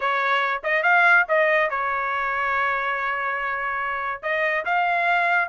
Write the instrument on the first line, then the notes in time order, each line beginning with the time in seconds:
trumpet
0.00 C#5
0.63 D#5
0.83 F5
1.28 D#5
1.70 C#5
4.22 D#5
4.65 F5